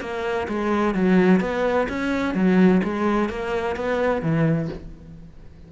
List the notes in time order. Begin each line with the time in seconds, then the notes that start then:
0.00 A#3
0.48 G#3
0.94 F#3
1.40 B3
1.88 C#4
2.34 F#3
2.83 G#3
3.29 A#3
3.75 B3
4.22 E3